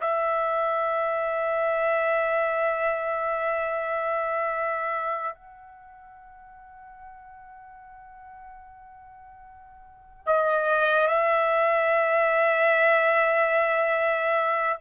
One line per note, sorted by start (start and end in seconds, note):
0.00 5.34 E5
5.34 10.26 F#5
10.26 11.07 D#5
11.07 14.77 E5